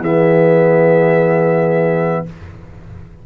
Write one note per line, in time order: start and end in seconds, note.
0.00 2.22 E3
0.00 2.26 B3
0.00 2.23 G#4
0.00 2.25 E5